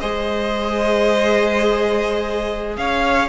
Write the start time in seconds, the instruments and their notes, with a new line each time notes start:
0.00 cello G#3, viola G#4, violin C5 D#5
2.77 cello C#4, violin C#5 F5